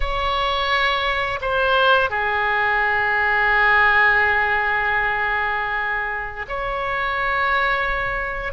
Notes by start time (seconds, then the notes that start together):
0.00 C#5
1.41 C5
2.10 G#4
6.48 C#5